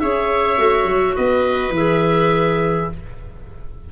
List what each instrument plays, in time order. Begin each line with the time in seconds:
0.00 tuba C#4, clarinet G#4, viola C#5, oboe E5
0.57 tuba A3, clarinet F#4
0.85 tuba F#3
1.16 tuba B3, viola B4, oboe D#5
1.70 tuba E3
1.76 clarinet G#4, oboe E5